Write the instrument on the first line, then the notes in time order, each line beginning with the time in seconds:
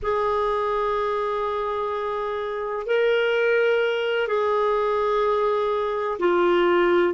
clarinet
0.02 G#4
2.86 A#4
4.27 G#4
6.19 F4